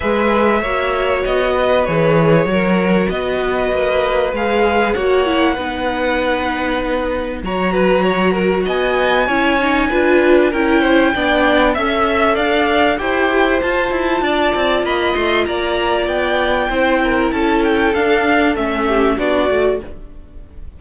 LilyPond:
<<
  \new Staff \with { instrumentName = "violin" } { \time 4/4 \tempo 4 = 97 e''2 dis''4 cis''4~ | cis''4 dis''2 f''4 | fis''1 | ais''2 gis''2~ |
gis''4 g''2 e''4 | f''4 g''4 a''2 | b''8 c'''8 ais''4 g''2 | a''8 g''8 f''4 e''4 d''4 | }
  \new Staff \with { instrumentName = "violin" } { \time 4/4 b'4 cis''4. b'4. | ais'4 b'2. | cis''4 b'2. | cis''8 b'8 cis''8 ais'8 dis''4 cis''4 |
b'4 ais'8 c''8 d''4 e''4 | d''4 c''2 d''4 | dis''4 d''2 c''8 ais'8 | a'2~ a'8 g'8 fis'4 | }
  \new Staff \with { instrumentName = "viola" } { \time 4/4 gis'4 fis'2 gis'4 | fis'2. gis'4 | fis'8 e'8 dis'2. | fis'2. e'8 dis'8 |
f'4 e'4 d'4 a'4~ | a'4 g'4 f'2~ | f'2. e'4~ | e'4 d'4 cis'4 d'8 fis'8 | }
  \new Staff \with { instrumentName = "cello" } { \time 4/4 gis4 ais4 b4 e4 | fis4 b4 ais4 gis4 | ais4 b2. | fis2 b4 cis'4 |
d'4 cis'4 b4 cis'4 | d'4 e'4 f'8 e'8 d'8 c'8 | ais8 a8 ais4 b4 c'4 | cis'4 d'4 a4 b8 a8 | }
>>